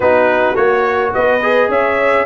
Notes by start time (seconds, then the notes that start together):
0.00 B3 D#4 F#4 B4
0.55 A#3 F#4 C#5
1.14 B3 B4 D#5
1.42 G#4
1.68 C#4 C#5 E5